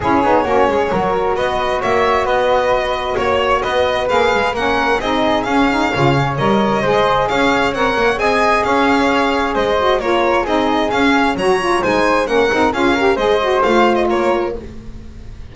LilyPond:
<<
  \new Staff \with { instrumentName = "violin" } { \time 4/4 \tempo 4 = 132 cis''2. dis''4 | e''4 dis''2 cis''4 | dis''4 f''4 fis''4 dis''4 | f''2 dis''2 |
f''4 fis''4 gis''4 f''4~ | f''4 dis''4 cis''4 dis''4 | f''4 ais''4 gis''4 fis''4 | f''4 dis''4 f''8. dis''16 cis''4 | }
  \new Staff \with { instrumentName = "flute" } { \time 4/4 gis'4 fis'8 gis'8 ais'4 b'4 | cis''4 b'2 cis''4 | b'2 ais'4 gis'4~ | gis'4 cis''2 c''4 |
cis''2 dis''4 cis''4~ | cis''4 c''4 ais'4 gis'4~ | gis'4 cis''4 c''4 ais'4 | gis'8 ais'8 c''2 ais'4 | }
  \new Staff \with { instrumentName = "saxophone" } { \time 4/4 e'8 dis'8 cis'4 fis'2~ | fis'1~ | fis'4 gis'4 cis'4 dis'4 | cis'8 dis'8 f'8 cis'8 ais'4 gis'4~ |
gis'4 ais'4 gis'2~ | gis'4. fis'8 f'4 dis'4 | cis'4 fis'8 f'8 dis'4 cis'8 dis'8 | f'8 g'8 gis'8 fis'8 f'2 | }
  \new Staff \with { instrumentName = "double bass" } { \time 4/4 cis'8 b8 ais8 gis8 fis4 b4 | ais4 b2 ais4 | b4 ais8 gis8 ais4 c'4 | cis'4 cis4 g4 gis4 |
cis'4 c'8 ais8 c'4 cis'4~ | cis'4 gis4 ais4 c'4 | cis'4 fis4 gis4 ais8 c'8 | cis'4 gis4 a4 ais4 | }
>>